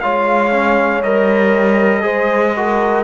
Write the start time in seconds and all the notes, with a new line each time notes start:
0.00 G#3 F4 C#5 F5
0.51 C#4
1.02 G3 A#4 D#5
2.01 G#3 G#4 C5
2.56 F#4 A#4